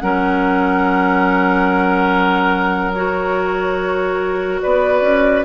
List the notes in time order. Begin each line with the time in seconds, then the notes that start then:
0.00 F#3 C#4 A#4 F#5
2.94 F#4 C#5
4.61 B3 B4 D5
5.01 C#4